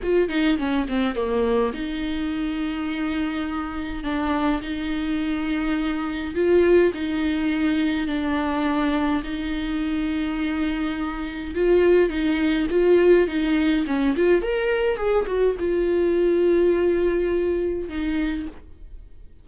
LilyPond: \new Staff \with { instrumentName = "viola" } { \time 4/4 \tempo 4 = 104 f'8 dis'8 cis'8 c'8 ais4 dis'4~ | dis'2. d'4 | dis'2. f'4 | dis'2 d'2 |
dis'1 | f'4 dis'4 f'4 dis'4 | cis'8 f'8 ais'4 gis'8 fis'8 f'4~ | f'2. dis'4 | }